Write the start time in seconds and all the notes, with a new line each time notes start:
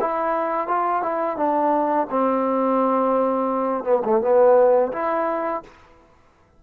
0.00 E4
0.67 F4
1.02 E4
1.37 D4
2.10 C4
3.84 B3
4.04 A3
4.21 B3
4.93 E4